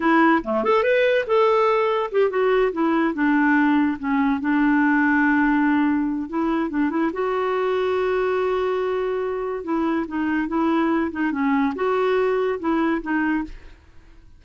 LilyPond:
\new Staff \with { instrumentName = "clarinet" } { \time 4/4 \tempo 4 = 143 e'4 a8 a'8 b'4 a'4~ | a'4 g'8 fis'4 e'4 d'8~ | d'4. cis'4 d'4.~ | d'2. e'4 |
d'8 e'8 fis'2.~ | fis'2. e'4 | dis'4 e'4. dis'8 cis'4 | fis'2 e'4 dis'4 | }